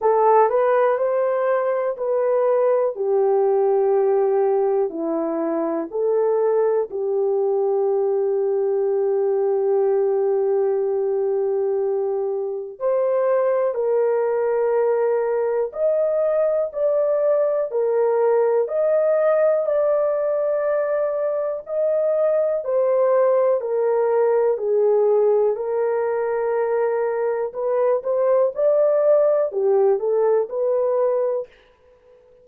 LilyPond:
\new Staff \with { instrumentName = "horn" } { \time 4/4 \tempo 4 = 61 a'8 b'8 c''4 b'4 g'4~ | g'4 e'4 a'4 g'4~ | g'1~ | g'4 c''4 ais'2 |
dis''4 d''4 ais'4 dis''4 | d''2 dis''4 c''4 | ais'4 gis'4 ais'2 | b'8 c''8 d''4 g'8 a'8 b'4 | }